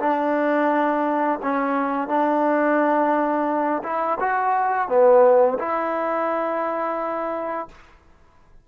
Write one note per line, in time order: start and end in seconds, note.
0.00 1.40 D4
1.43 2.08 C#4
2.08 3.83 D4
3.84 4.19 E4
4.21 4.89 F#4
4.89 5.58 B3
5.59 7.68 E4